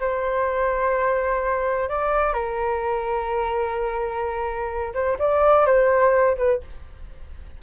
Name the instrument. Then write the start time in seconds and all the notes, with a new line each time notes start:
flute
0.00 C5
1.89 D5
2.33 A#4
4.94 C5
5.19 D5
5.66 C5
6.37 B4